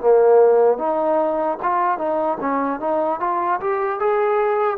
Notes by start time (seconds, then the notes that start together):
0.00 A#3
0.78 D#4
1.62 F4
1.97 D#4
2.40 C#4
2.80 D#4
3.20 F4
3.60 G4
3.99 G#4